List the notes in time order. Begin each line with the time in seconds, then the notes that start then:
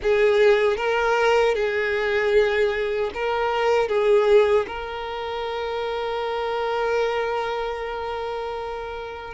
0.02 G#4
0.76 A#4
1.54 G#4
3.13 A#4
3.88 G#4
4.67 A#4